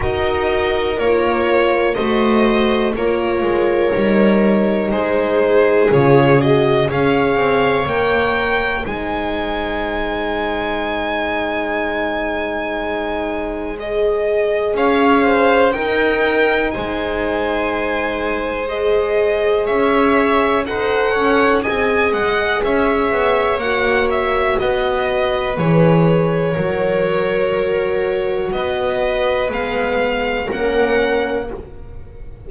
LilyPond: <<
  \new Staff \with { instrumentName = "violin" } { \time 4/4 \tempo 4 = 61 dis''4 cis''4 dis''4 cis''4~ | cis''4 c''4 cis''8 dis''8 f''4 | g''4 gis''2.~ | gis''2 dis''4 f''4 |
g''4 gis''2 dis''4 | e''4 fis''4 gis''8 fis''8 e''4 | fis''8 e''8 dis''4 cis''2~ | cis''4 dis''4 f''4 fis''4 | }
  \new Staff \with { instrumentName = "viola" } { \time 4/4 ais'2 c''4 ais'4~ | ais'4 gis'2 cis''4~ | cis''4 c''2.~ | c''2. cis''8 c''8 |
ais'4 c''2. | cis''4 c''8 cis''8 dis''4 cis''4~ | cis''4 b'2 ais'4~ | ais'4 b'2 ais'4 | }
  \new Staff \with { instrumentName = "horn" } { \time 4/4 fis'4 f'4 fis'4 f'4 | dis'2 f'8 fis'8 gis'4 | ais'4 dis'2.~ | dis'2 gis'2 |
dis'2. gis'4~ | gis'4 a'4 gis'2 | fis'2 gis'4 fis'4~ | fis'2 b4 cis'4 | }
  \new Staff \with { instrumentName = "double bass" } { \time 4/4 dis'4 ais4 a4 ais8 gis8 | g4 gis4 cis4 cis'8 c'8 | ais4 gis2.~ | gis2. cis'4 |
dis'4 gis2. | cis'4 dis'8 cis'8 c'8 gis8 cis'8 b8 | ais4 b4 e4 fis4~ | fis4 b4 gis4 ais4 | }
>>